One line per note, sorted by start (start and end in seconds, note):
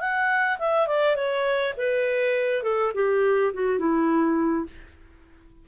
0.00 0.58 F#5
0.59 0.87 E5
0.87 1.15 D5
1.15 1.74 C#5
1.77 2.63 B4
2.63 2.92 A4
2.95 3.53 G4
3.53 3.79 F#4
3.79 4.66 E4